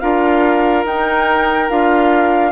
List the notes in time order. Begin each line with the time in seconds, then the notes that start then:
0.00 D4 F4 A#4 F5
0.85 D#4 G5
1.70 D4 F4 F5